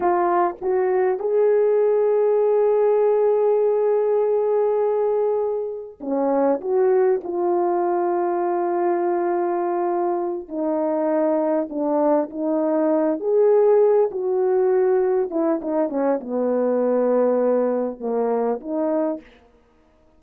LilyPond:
\new Staff \with { instrumentName = "horn" } { \time 4/4 \tempo 4 = 100 f'4 fis'4 gis'2~ | gis'1~ | gis'2 cis'4 fis'4 | f'1~ |
f'4. dis'2 d'8~ | d'8 dis'4. gis'4. fis'8~ | fis'4. e'8 dis'8 cis'8 b4~ | b2 ais4 dis'4 | }